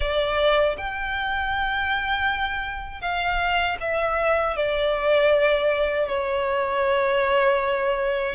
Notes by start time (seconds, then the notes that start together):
0.00 D5
0.77 G5
3.01 F5
3.80 E5
4.56 D5
6.08 C#5